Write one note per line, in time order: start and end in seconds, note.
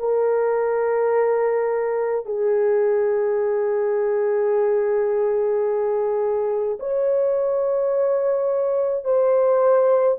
0.00 2.26 A#4
2.26 6.79 G#4
6.80 9.05 C#5
9.05 10.18 C5